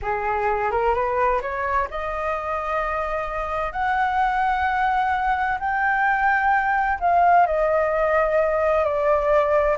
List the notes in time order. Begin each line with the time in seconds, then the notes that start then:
0.02 G#4
0.71 A#4
0.94 B4
1.41 C#5
1.90 D#5
3.72 F#5
5.59 G5
6.99 F5
7.46 D#5
8.84 D5